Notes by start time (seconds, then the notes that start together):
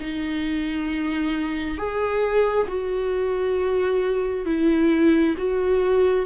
0.00 D#4
1.77 G#4
2.68 F#4
4.45 E4
5.37 F#4